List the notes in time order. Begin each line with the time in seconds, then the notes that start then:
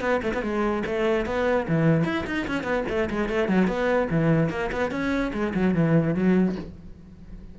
0.00 B3
0.22 A3
0.34 B3
0.42 G#3
0.86 A3
1.25 B3
1.68 E3
2.04 E4
2.26 D#4
2.47 C#4
2.63 B3
2.88 A3
3.10 G#3
3.28 A3
3.48 F#3
3.67 B3
4.10 E3
4.49 A#3
4.71 B3
4.91 C#4
5.32 G#3
5.54 F#3
5.74 E3
6.14 F#3